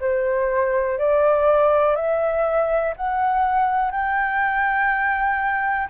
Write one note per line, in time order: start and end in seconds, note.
0.00 0.98 C5
0.98 1.95 D5
1.95 2.94 E5
2.96 3.91 F#5
3.91 5.88 G5